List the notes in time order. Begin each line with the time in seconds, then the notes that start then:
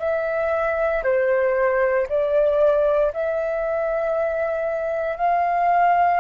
0.00 E5
1.04 C5
2.09 D5
3.14 E5
5.17 F5